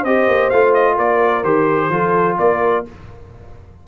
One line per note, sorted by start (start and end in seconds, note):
0.00 0.27 C4
0.00 0.52 G4
0.00 0.94 C5
0.00 0.49 D#5
0.27 0.51 A#3
0.49 0.98 A3
0.49 1.44 F4
0.49 0.73 F5
0.74 0.97 D#5
0.94 1.43 A#3
0.94 1.88 A#4
0.94 1.43 D5
1.43 1.89 D#3
1.43 1.90 G4
1.43 2.37 C5
1.89 2.36 F3
1.89 2.85 F4
1.89 2.38 A4
2.38 2.86 A#3
2.38 2.87 A#4
2.38 2.85 D5